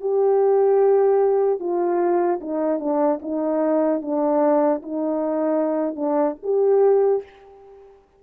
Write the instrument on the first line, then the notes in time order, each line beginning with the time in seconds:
horn
0.00 G4
1.59 F4
2.40 D#4
2.79 D4
3.22 D#4
4.01 D4
4.82 D#4
5.95 D4
6.42 G4